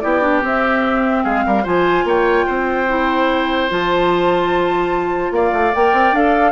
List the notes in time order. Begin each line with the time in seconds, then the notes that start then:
0.00 B3 E4 G4 D5
0.22 D4
0.42 C4 E5
1.24 G#3 G#4 F5
1.47 G3 A#4
1.63 F3 F4 C5 G#5
2.05 A#3 C#5 G5
2.47 C4 C5
2.89 E4
3.69 F3 F4 A5
5.31 A#3 D5 F5
5.53 A3
5.75 A#3 A#4 G5
5.93 C4
6.12 D4 A4 F5